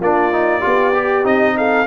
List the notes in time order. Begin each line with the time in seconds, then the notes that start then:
0.00 A#3 D4 F4 D5
0.33 D#4
0.60 F4 G4
0.66 B3
0.94 G4
1.24 C4 D#4 D#5
1.57 A4 F5